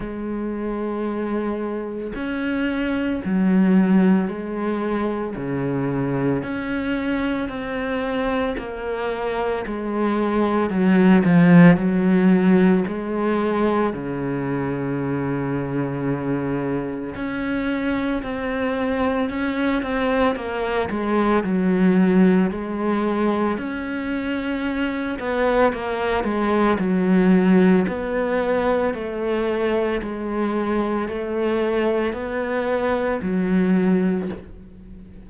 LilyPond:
\new Staff \with { instrumentName = "cello" } { \time 4/4 \tempo 4 = 56 gis2 cis'4 fis4 | gis4 cis4 cis'4 c'4 | ais4 gis4 fis8 f8 fis4 | gis4 cis2. |
cis'4 c'4 cis'8 c'8 ais8 gis8 | fis4 gis4 cis'4. b8 | ais8 gis8 fis4 b4 a4 | gis4 a4 b4 fis4 | }